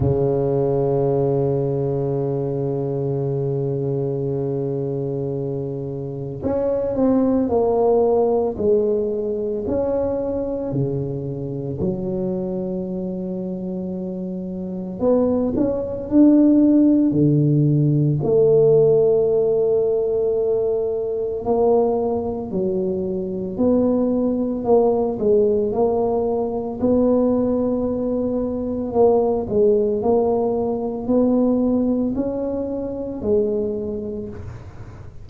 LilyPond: \new Staff \with { instrumentName = "tuba" } { \time 4/4 \tempo 4 = 56 cis1~ | cis2 cis'8 c'8 ais4 | gis4 cis'4 cis4 fis4~ | fis2 b8 cis'8 d'4 |
d4 a2. | ais4 fis4 b4 ais8 gis8 | ais4 b2 ais8 gis8 | ais4 b4 cis'4 gis4 | }